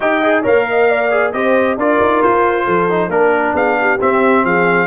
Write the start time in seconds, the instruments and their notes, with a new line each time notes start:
0.00 tuba D#4, trombone G4, horn D#5, trumpet G5
0.22 trombone G#4
0.41 tuba A#3, trombone A#4, horn C#5, trumpet F5
0.69 horn D#5
0.89 horn D5
1.11 trombone G#4
1.32 tuba C4, trombone G4, horn C5, trumpet D#5
1.77 tuba D4, trombone F4, horn A#4, trumpet D5
2.00 tuba D#4
2.22 tuba F4, trumpet C5
2.64 tuba F3, horn A4
2.89 trombone D#4
3.08 tuba A#3, trombone D4, trumpet A#4, horn A#4
3.53 tuba B3, horn G#4, trumpet F5
3.80 horn G4
4.00 trombone C4, tuba C4, trumpet E5
4.44 tuba F3, horn G#4, trumpet F5